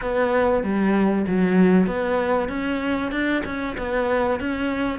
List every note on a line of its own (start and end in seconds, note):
0.01 0.63 B3
0.63 1.25 G3
1.27 1.86 F#3
1.86 2.49 B3
2.49 3.11 C#4
3.11 3.43 D4
3.45 3.76 C#4
3.77 4.39 B3
4.39 4.99 C#4